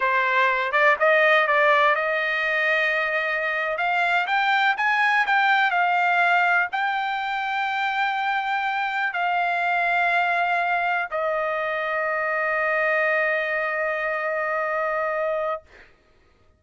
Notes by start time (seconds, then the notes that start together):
0.00 C5
0.72 D5
0.99 D#5
1.47 D5
1.95 D#5
3.77 F5
4.26 G5
4.77 G#5
5.26 G5
5.71 F5
6.71 G5
9.13 F5
11.11 D#5